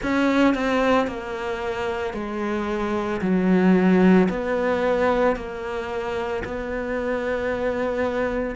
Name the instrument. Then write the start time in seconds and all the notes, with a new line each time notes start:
cello
0.02 C#4
0.54 C4
1.07 A#3
2.13 G#3
3.21 F#3
4.29 B3
5.36 A#3
6.44 B3